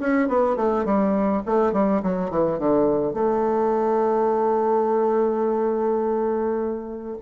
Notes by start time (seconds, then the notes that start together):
0.00 C#4
0.28 B3
0.56 A3
0.85 G3
1.46 A3
1.73 G3
2.02 F#3
2.30 E3
2.59 D3
3.13 A3